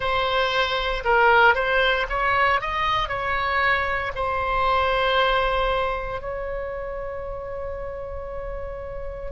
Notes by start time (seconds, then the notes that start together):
0.00 C5
1.04 A#4
1.54 C5
2.09 C#5
2.61 D#5
3.08 C#5
4.15 C5
6.21 C#5